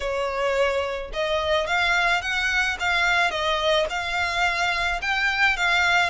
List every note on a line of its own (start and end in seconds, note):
0.00 1.11 C#5
1.13 1.67 D#5
1.67 2.21 F5
2.21 2.77 F#5
2.79 3.30 F5
3.30 3.86 D#5
3.89 5.01 F5
5.01 5.56 G5
5.56 6.09 F5